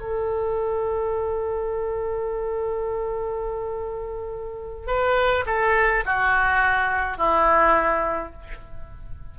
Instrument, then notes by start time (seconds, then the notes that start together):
oboe
0.00 A4
4.87 B4
5.47 A4
6.06 F#4
7.18 E4